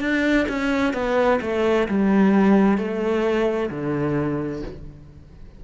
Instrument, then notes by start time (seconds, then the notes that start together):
cello
0.00 D4
0.48 C#4
0.93 B3
1.41 A3
1.88 G3
2.77 A3
3.70 D3